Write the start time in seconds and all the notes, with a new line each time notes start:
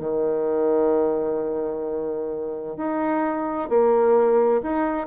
0.00 D#3
2.77 D#4
3.70 A#3
4.63 D#4